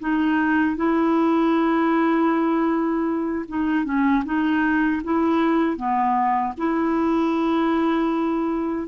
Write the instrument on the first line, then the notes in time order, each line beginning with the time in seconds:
clarinet
0.00 D#4
0.76 E4
3.49 D#4
3.85 C#4
4.25 D#4
5.04 E4
5.77 B3
6.57 E4